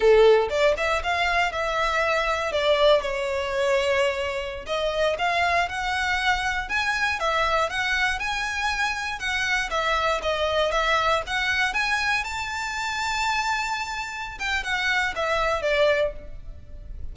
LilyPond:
\new Staff \with { instrumentName = "violin" } { \time 4/4 \tempo 4 = 119 a'4 d''8 e''8 f''4 e''4~ | e''4 d''4 cis''2~ | cis''4~ cis''16 dis''4 f''4 fis''8.~ | fis''4~ fis''16 gis''4 e''4 fis''8.~ |
fis''16 gis''2 fis''4 e''8.~ | e''16 dis''4 e''4 fis''4 gis''8.~ | gis''16 a''2.~ a''8.~ | a''8 g''8 fis''4 e''4 d''4 | }